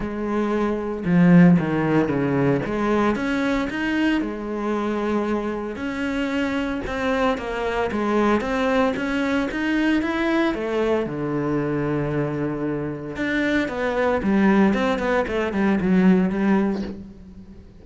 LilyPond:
\new Staff \with { instrumentName = "cello" } { \time 4/4 \tempo 4 = 114 gis2 f4 dis4 | cis4 gis4 cis'4 dis'4 | gis2. cis'4~ | cis'4 c'4 ais4 gis4 |
c'4 cis'4 dis'4 e'4 | a4 d2.~ | d4 d'4 b4 g4 | c'8 b8 a8 g8 fis4 g4 | }